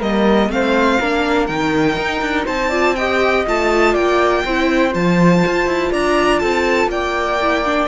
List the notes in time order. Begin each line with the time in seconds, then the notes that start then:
0.00 G3 A#3 A#4 D#5
0.49 A3 C4 C5 F5
1.01 A#3 D4 A#4
1.47 D#3 D#4 G5
1.98 D#4
2.22 D4
2.46 C4 C5 A5
2.69 F4 D5
2.96 G4 D#5 G5
3.47 A3 F4 A5
3.93 A#3 D5 G5
4.45 C4 E4 C5
4.92 F3 F4 A5
5.47 F4
5.67 E4
5.92 D4 D5 A#5
6.40 C4 A4 A5
6.88 A#3 D5 G5
7.41 E4
7.65 D4